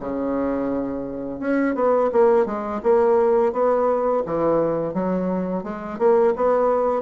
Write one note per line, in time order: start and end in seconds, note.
0.00 1.40 C#3
1.40 1.75 C#4
1.75 2.10 B3
2.12 2.46 A#3
2.46 2.81 G#3
2.83 3.53 A#3
3.53 4.23 B3
4.26 4.94 E3
4.94 5.64 F#3
5.64 5.99 G#3
5.99 6.34 A#3
6.36 7.02 B3